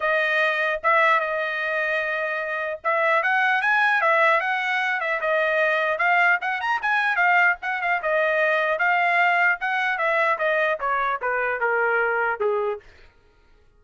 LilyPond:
\new Staff \with { instrumentName = "trumpet" } { \time 4/4 \tempo 4 = 150 dis''2 e''4 dis''4~ | dis''2. e''4 | fis''4 gis''4 e''4 fis''4~ | fis''8 e''8 dis''2 f''4 |
fis''8 ais''8 gis''4 f''4 fis''8 f''8 | dis''2 f''2 | fis''4 e''4 dis''4 cis''4 | b'4 ais'2 gis'4 | }